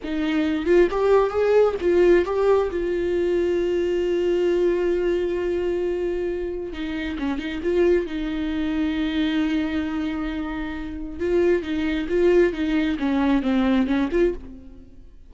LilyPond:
\new Staff \with { instrumentName = "viola" } { \time 4/4 \tempo 4 = 134 dis'4. f'8 g'4 gis'4 | f'4 g'4 f'2~ | f'1~ | f'2. dis'4 |
cis'8 dis'8 f'4 dis'2~ | dis'1~ | dis'4 f'4 dis'4 f'4 | dis'4 cis'4 c'4 cis'8 f'8 | }